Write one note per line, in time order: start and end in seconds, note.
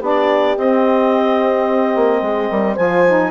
0.00 0.56 B3
0.00 0.56 D4
0.00 2.20 G4
0.00 0.58 D5
0.57 1.95 C4
0.57 2.78 C4
0.57 2.76 D#5
1.96 2.22 A#3
2.22 2.49 G#3
2.22 2.50 G#4
2.50 2.78 G3
2.50 2.73 A#4
2.73 3.31 F3
2.73 3.05 F4
2.73 3.28 C5
2.73 3.31 G#5
3.07 3.31 D#4